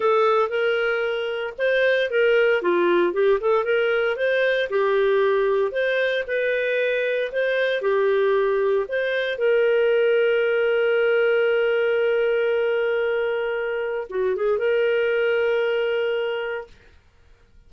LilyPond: \new Staff \with { instrumentName = "clarinet" } { \time 4/4 \tempo 4 = 115 a'4 ais'2 c''4 | ais'4 f'4 g'8 a'8 ais'4 | c''4 g'2 c''4 | b'2 c''4 g'4~ |
g'4 c''4 ais'2~ | ais'1~ | ais'2. fis'8 gis'8 | ais'1 | }